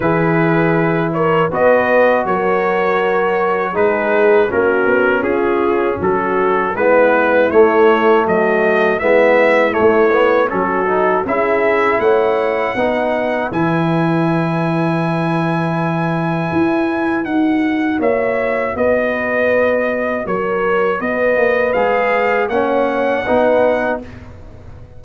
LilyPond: <<
  \new Staff \with { instrumentName = "trumpet" } { \time 4/4 \tempo 4 = 80 b'4. cis''8 dis''4 cis''4~ | cis''4 b'4 ais'4 gis'4 | a'4 b'4 cis''4 dis''4 | e''4 cis''4 a'4 e''4 |
fis''2 gis''2~ | gis''2. fis''4 | e''4 dis''2 cis''4 | dis''4 f''4 fis''2 | }
  \new Staff \with { instrumentName = "horn" } { \time 4/4 gis'4. ais'8 b'4 ais'4~ | ais'4 gis'4 fis'4 f'4 | fis'4 e'2 fis'4 | e'2 fis'4 gis'4 |
cis''4 b'2.~ | b'1 | cis''4 b'2 ais'4 | b'2 cis''4 b'4 | }
  \new Staff \with { instrumentName = "trombone" } { \time 4/4 e'2 fis'2~ | fis'4 dis'4 cis'2~ | cis'4 b4 a2 | b4 a8 b8 cis'8 dis'8 e'4~ |
e'4 dis'4 e'2~ | e'2. fis'4~ | fis'1~ | fis'4 gis'4 cis'4 dis'4 | }
  \new Staff \with { instrumentName = "tuba" } { \time 4/4 e2 b4 fis4~ | fis4 gis4 ais8 b8 cis'4 | fis4 gis4 a4 fis4 | gis4 a4 fis4 cis'4 |
a4 b4 e2~ | e2 e'4 dis'4 | ais4 b2 fis4 | b8 ais8 gis4 ais4 b4 | }
>>